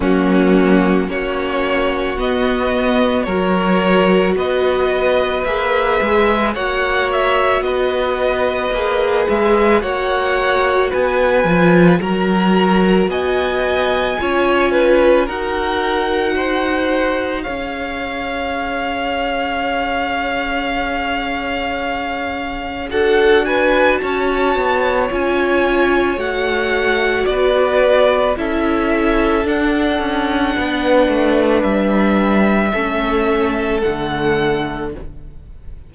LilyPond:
<<
  \new Staff \with { instrumentName = "violin" } { \time 4/4 \tempo 4 = 55 fis'4 cis''4 dis''4 cis''4 | dis''4 e''4 fis''8 e''8 dis''4~ | dis''8 e''8 fis''4 gis''4 ais''4 | gis''2 fis''2 |
f''1~ | f''4 fis''8 gis''8 a''4 gis''4 | fis''4 d''4 e''4 fis''4~ | fis''4 e''2 fis''4 | }
  \new Staff \with { instrumentName = "violin" } { \time 4/4 cis'4 fis'2 ais'4 | b'2 cis''4 b'4~ | b'4 cis''4 b'4 ais'4 | dis''4 cis''8 b'8 ais'4 c''4 |
cis''1~ | cis''4 a'8 b'8 cis''2~ | cis''4 b'4 a'2 | b'2 a'2 | }
  \new Staff \with { instrumentName = "viola" } { \time 4/4 ais4 cis'4 b4 fis'4~ | fis'4 gis'4 fis'2 | gis'4 fis'4. f'8 fis'4~ | fis'4 f'4 fis'2 |
gis'1~ | gis'4 fis'2 f'4 | fis'2 e'4 d'4~ | d'2 cis'4 a4 | }
  \new Staff \with { instrumentName = "cello" } { \time 4/4 fis4 ais4 b4 fis4 | b4 ais8 gis8 ais4 b4 | ais8 gis8 ais4 b8 f8 fis4 | b4 cis'4 dis'2 |
cis'1~ | cis'4 d'4 cis'8 b8 cis'4 | a4 b4 cis'4 d'8 cis'8 | b8 a8 g4 a4 d4 | }
>>